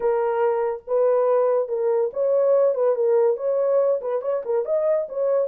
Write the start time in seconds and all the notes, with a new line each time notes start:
0.00 A#4
0.87 B4
1.68 A#4
2.13 C#5
2.74 B4
2.95 A#4
3.36 C#5
4.01 B4
4.21 C#5
4.45 A#4
4.65 D#5
5.08 C#5